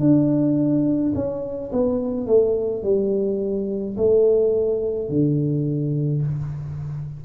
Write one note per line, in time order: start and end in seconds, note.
0.00 1.13 D4
1.15 1.71 C#4
1.72 2.27 B3
2.27 2.83 A3
2.83 3.96 G3
3.97 5.09 A3
5.09 6.22 D3